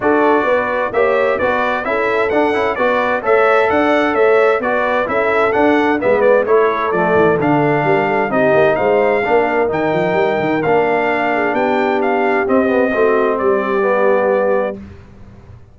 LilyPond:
<<
  \new Staff \with { instrumentName = "trumpet" } { \time 4/4 \tempo 4 = 130 d''2 e''4 d''4 | e''4 fis''4 d''4 e''4 | fis''4 e''4 d''4 e''4 | fis''4 e''8 d''8 cis''4 d''4 |
f''2 dis''4 f''4~ | f''4 g''2 f''4~ | f''4 g''4 f''4 dis''4~ | dis''4 d''2. | }
  \new Staff \with { instrumentName = "horn" } { \time 4/4 a'4 b'4 cis''4 b'4 | a'2 b'4 cis''4 | d''4 cis''4 b'4 a'4~ | a'4 b'4 a'2~ |
a'4 ais'8 a'8 g'4 c''4 | ais'1~ | ais'8 gis'8 g'2. | fis'4 g'2. | }
  \new Staff \with { instrumentName = "trombone" } { \time 4/4 fis'2 g'4 fis'4 | e'4 d'8 e'8 fis'4 a'4~ | a'2 fis'4 e'4 | d'4 b4 e'4 a4 |
d'2 dis'2 | d'4 dis'2 d'4~ | d'2. c'8 b8 | c'2 b2 | }
  \new Staff \with { instrumentName = "tuba" } { \time 4/4 d'4 b4 ais4 b4 | cis'4 d'8 cis'8 b4 a4 | d'4 a4 b4 cis'4 | d'4 gis4 a4 f8 e8 |
d4 g4 c'8 ais8 gis4 | ais4 dis8 f8 g8 dis8 ais4~ | ais4 b2 c'4 | a4 g2. | }
>>